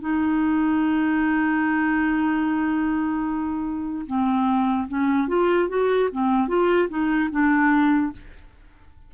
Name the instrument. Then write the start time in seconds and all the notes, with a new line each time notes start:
clarinet
0.00 D#4
4.06 C4
4.88 C#4
5.27 F4
5.68 F#4
6.11 C4
6.48 F4
6.89 D#4
7.30 D4